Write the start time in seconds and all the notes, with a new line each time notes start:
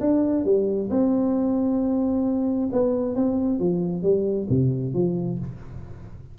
0.00 D4
0.44 G3
0.90 C4
2.72 B3
3.15 C4
3.59 F3
4.02 G3
4.49 C3
4.94 F3